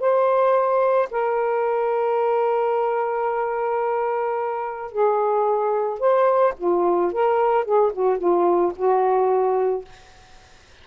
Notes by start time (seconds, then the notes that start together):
0.00 C5
1.11 A#4
4.92 G#4
6.00 C5
6.58 F4
7.13 A#4
7.65 G#4
7.93 F#4
8.18 F4
8.76 F#4